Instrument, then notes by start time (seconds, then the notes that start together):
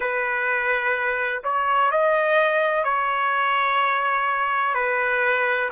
trumpet
0.00 B4
1.43 C#5
1.91 D#5
2.84 C#5
4.74 B4